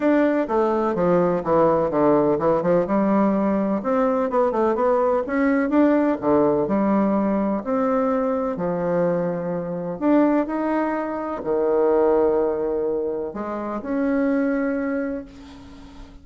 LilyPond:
\new Staff \with { instrumentName = "bassoon" } { \time 4/4 \tempo 4 = 126 d'4 a4 f4 e4 | d4 e8 f8 g2 | c'4 b8 a8 b4 cis'4 | d'4 d4 g2 |
c'2 f2~ | f4 d'4 dis'2 | dis1 | gis4 cis'2. | }